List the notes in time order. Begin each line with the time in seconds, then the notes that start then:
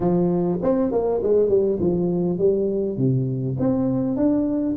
0.00 F3
0.62 C4
0.91 A#3
1.22 G#3
1.49 G3
1.80 F3
2.38 G3
2.97 C3
3.59 C4
4.16 D4